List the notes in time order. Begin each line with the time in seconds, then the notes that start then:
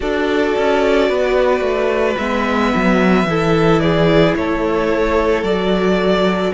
0.00 D4 F#4 A4 D5
0.57 C#4
1.09 B3 B4
1.60 A3
2.17 G#3 B3 E5
2.75 F#3
3.23 E3 E4 A4
3.80 G#4 D5
4.35 A3 A4 C#5
5.42 F#3 F#4 D5